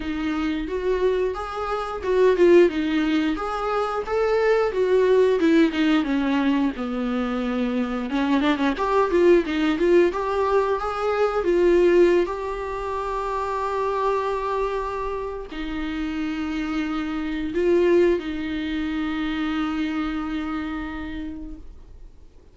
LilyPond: \new Staff \with { instrumentName = "viola" } { \time 4/4 \tempo 4 = 89 dis'4 fis'4 gis'4 fis'8 f'8 | dis'4 gis'4 a'4 fis'4 | e'8 dis'8 cis'4 b2 | cis'8 d'16 cis'16 g'8 f'8 dis'8 f'8 g'4 |
gis'4 f'4~ f'16 g'4.~ g'16~ | g'2. dis'4~ | dis'2 f'4 dis'4~ | dis'1 | }